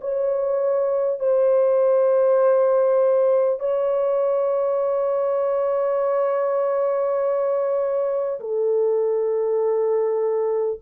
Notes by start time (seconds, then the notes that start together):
0.00 C#5
1.19 C5
3.59 C#5
8.39 A4